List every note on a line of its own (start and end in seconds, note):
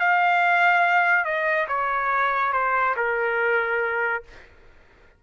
0.00 1.25 F5
1.25 1.67 D#5
1.69 2.53 C#5
2.53 2.95 C5
2.97 4.23 A#4